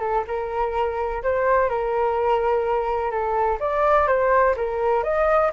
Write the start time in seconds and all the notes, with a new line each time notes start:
0.00 A4
0.27 A#4
1.23 C5
1.69 A#4
3.11 A4
3.60 D5
4.07 C5
4.57 A#4
5.04 D#5